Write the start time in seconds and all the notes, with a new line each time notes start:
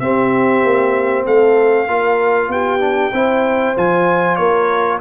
0.00 C4 G4 E5
0.64 A#3
1.25 A3 A4 F5
1.88 A#3 F4 A#4
2.49 B3 G4 G5
2.80 D4
3.13 C4 E4 C5
3.77 F3 F4 G#5
4.36 A#3 A#4 C#5